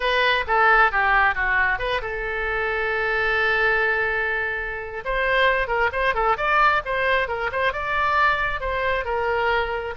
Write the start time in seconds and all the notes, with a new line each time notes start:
0.00 B4
0.47 A4
0.91 G4
1.34 F#4
1.78 B4
2.01 A4
5.05 C5
5.67 A#4
5.92 C5
6.14 A4
6.37 D5
6.85 C5
7.28 A#4
7.52 C5
7.72 D5
8.60 C5
9.04 A#4